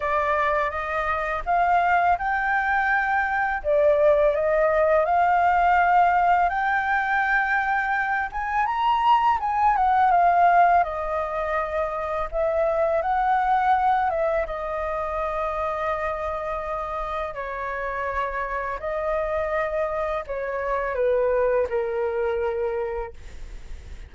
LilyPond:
\new Staff \with { instrumentName = "flute" } { \time 4/4 \tempo 4 = 83 d''4 dis''4 f''4 g''4~ | g''4 d''4 dis''4 f''4~ | f''4 g''2~ g''8 gis''8 | ais''4 gis''8 fis''8 f''4 dis''4~ |
dis''4 e''4 fis''4. e''8 | dis''1 | cis''2 dis''2 | cis''4 b'4 ais'2 | }